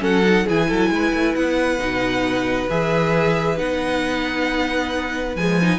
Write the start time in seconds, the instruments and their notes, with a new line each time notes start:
0.00 cello F#3, viola C#4, violin A4 F#5
0.24 viola D#4
0.45 cello E3, viola E4, violin G#4 G#5
0.68 cello F#3, violin A4
0.90 cello G#3, violin B4
1.13 cello A3
1.35 cello B3, violin F#5
1.79 cello B2, viola D#4
2.69 cello E3, viola G#4, violin E5
3.57 cello B3, viola D#4, violin F#5
5.35 cello F3, viola G#3, violin G#5
5.61 viola D#4